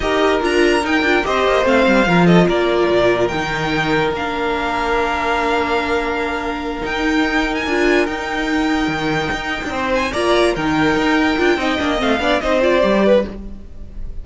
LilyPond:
<<
  \new Staff \with { instrumentName = "violin" } { \time 4/4 \tempo 4 = 145 dis''4 ais''4 g''4 dis''4 | f''4. dis''8 d''2 | g''2 f''2~ | f''1~ |
f''8 g''4.~ g''16 gis''4~ gis''16 g''8~ | g''1 | gis''8 ais''4 g''2~ g''8~ | g''4 f''4 dis''8 d''4. | }
  \new Staff \with { instrumentName = "violin" } { \time 4/4 ais'2. c''4~ | c''4 ais'8 a'8 ais'2~ | ais'1~ | ais'1~ |
ais'1~ | ais'2.~ ais'8 c''8~ | c''8 d''4 ais'2~ ais'8 | dis''4. d''8 c''4. b'8 | }
  \new Staff \with { instrumentName = "viola" } { \time 4/4 g'4 f'4 dis'8 f'8 g'4 | c'4 f'2. | dis'2 d'2~ | d'1~ |
d'8 dis'2 f'4 dis'8~ | dis'1~ | dis'8 f'4 dis'2 f'8 | dis'8 d'8 c'8 d'8 dis'8 f'8 g'4 | }
  \new Staff \with { instrumentName = "cello" } { \time 4/4 dis'4 d'4 dis'8 d'8 c'8 ais8 | a8 g8 f4 ais4 ais,4 | dis2 ais2~ | ais1~ |
ais8 dis'2 d'4 dis'8~ | dis'4. dis4 dis'8. d'16 c'8~ | c'8 ais4 dis4 dis'4 d'8 | c'8 ais8 a8 b8 c'4 g4 | }
>>